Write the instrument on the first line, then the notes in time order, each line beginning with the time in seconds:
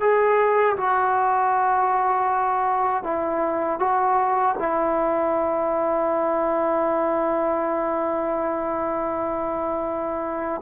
trombone
0.00 G#4
0.76 F#4
3.03 E4
3.79 F#4
4.58 E4